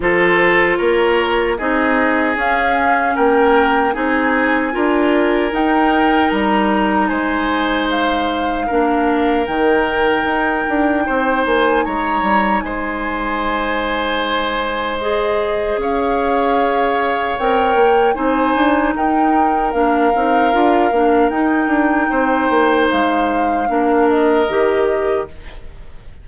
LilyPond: <<
  \new Staff \with { instrumentName = "flute" } { \time 4/4 \tempo 4 = 76 c''4 cis''4 dis''4 f''4 | g''4 gis''2 g''4 | ais''4 gis''4 f''2 | g''2~ g''8 gis''8 ais''4 |
gis''2. dis''4 | f''2 g''4 gis''4 | g''4 f''2 g''4~ | g''4 f''4. dis''4. | }
  \new Staff \with { instrumentName = "oboe" } { \time 4/4 a'4 ais'4 gis'2 | ais'4 gis'4 ais'2~ | ais'4 c''2 ais'4~ | ais'2 c''4 cis''4 |
c''1 | cis''2. c''4 | ais'1 | c''2 ais'2 | }
  \new Staff \with { instrumentName = "clarinet" } { \time 4/4 f'2 dis'4 cis'4~ | cis'4 dis'4 f'4 dis'4~ | dis'2. d'4 | dis'1~ |
dis'2. gis'4~ | gis'2 ais'4 dis'4~ | dis'4 d'8 dis'8 f'8 d'8 dis'4~ | dis'2 d'4 g'4 | }
  \new Staff \with { instrumentName = "bassoon" } { \time 4/4 f4 ais4 c'4 cis'4 | ais4 c'4 d'4 dis'4 | g4 gis2 ais4 | dis4 dis'8 d'8 c'8 ais8 gis8 g8 |
gis1 | cis'2 c'8 ais8 c'8 d'8 | dis'4 ais8 c'8 d'8 ais8 dis'8 d'8 | c'8 ais8 gis4 ais4 dis4 | }
>>